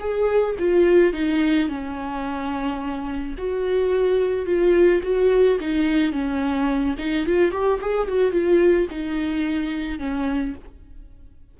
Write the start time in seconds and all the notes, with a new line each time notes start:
0.00 G#4
0.59 F4
1.13 D#4
1.68 C#4
3.38 F#4
4.46 F4
5.03 F#4
5.60 D#4
6.13 C#4
6.98 D#4
7.27 F4
7.52 G4
7.81 G#4
8.08 F#4
8.32 F4
8.90 D#4
9.99 C#4